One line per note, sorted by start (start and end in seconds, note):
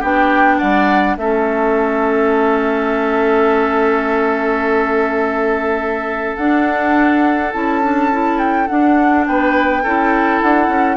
0.00 0.61 B3
0.00 1.19 D4
0.00 0.58 G4
0.00 0.59 G5
0.59 1.17 G3
0.59 1.16 D5
0.59 1.17 F#5
1.17 6.36 A3
1.17 6.39 C#4
1.17 9.27 A4
1.17 6.37 E5
6.37 7.54 D4
6.37 7.52 F#5
7.53 8.69 C#4
7.53 7.83 E4
7.53 8.39 A5
7.83 8.11 D4
8.12 8.68 E4
8.39 8.68 G5
8.68 9.83 D4
8.68 9.28 D4
8.68 9.25 F#5
9.27 9.85 B3
9.27 9.83 B4
9.27 10.42 G5
9.83 10.42 C#4
9.83 10.97 E4
9.83 10.97 A4
10.42 10.68 D4
10.42 10.97 F#5
10.68 10.97 C#4